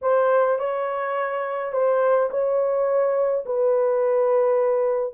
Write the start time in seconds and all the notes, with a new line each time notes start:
0.01 C5
0.58 C#5
1.72 C5
2.30 C#5
3.45 B4